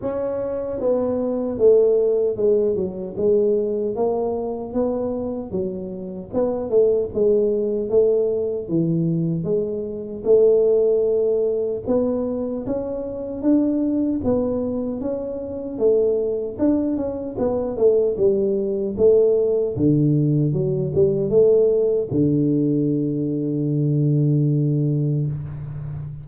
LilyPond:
\new Staff \with { instrumentName = "tuba" } { \time 4/4 \tempo 4 = 76 cis'4 b4 a4 gis8 fis8 | gis4 ais4 b4 fis4 | b8 a8 gis4 a4 e4 | gis4 a2 b4 |
cis'4 d'4 b4 cis'4 | a4 d'8 cis'8 b8 a8 g4 | a4 d4 fis8 g8 a4 | d1 | }